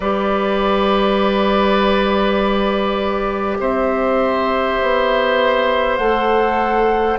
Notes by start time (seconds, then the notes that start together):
0.00 G3 G4 B4 D5
3.59 C4 C5 E5
4.81 B3
5.97 A3 A4 F#5